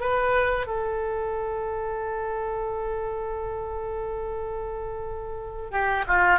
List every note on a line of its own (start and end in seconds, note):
0.00 0.66 B4
0.66 5.71 A4
5.71 6.04 G4
6.07 6.39 F4